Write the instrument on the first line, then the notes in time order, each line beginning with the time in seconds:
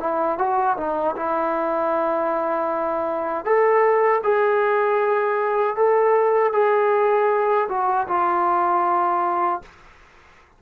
trombone
0.00 E4
0.38 F#4
0.77 D#4
1.16 E4
3.45 A4
4.24 G#4
5.77 A4
6.53 G#4
7.69 F#4
8.08 F4